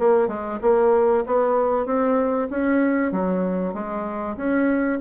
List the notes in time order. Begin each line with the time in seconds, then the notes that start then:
0.00 A#3
0.28 G#3
0.62 A#3
1.27 B3
1.86 C4
2.51 C#4
3.12 F#3
3.74 G#3
4.37 C#4